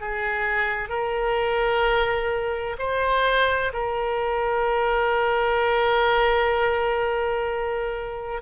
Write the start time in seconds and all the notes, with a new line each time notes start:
0.00 G#4
0.89 A#4
2.78 C5
3.72 A#4